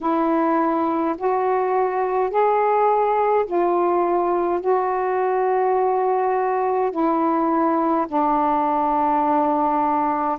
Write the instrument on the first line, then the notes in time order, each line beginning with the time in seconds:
saxophone
0.00 E4
1.17 F#4
2.30 G#4
3.46 F4
4.60 F#4
6.91 E4
8.07 D4